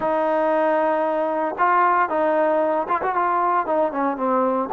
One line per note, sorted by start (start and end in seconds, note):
0.00 1.55 D#4
1.58 2.09 F4
2.09 2.87 D#4
2.88 3.01 F4
3.02 3.15 F#4
3.15 3.66 F4
3.66 3.92 D#4
3.92 4.16 C#4
4.16 4.69 C4